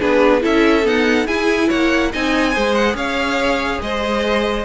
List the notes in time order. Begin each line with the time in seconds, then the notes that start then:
0.00 B3 D4 G#4 B4
0.41 C#4 E4 A4 E5
0.84 B3 D#4 F#5
1.27 E4 G#4 G#5
1.68 A#3 C#5 F#5
2.12 C4 D#4 D#5 G#5
2.53 G#3 G#4 C5
2.75 F#5
2.94 C#4 C#5 F5
3.81 G#3 C5 D#5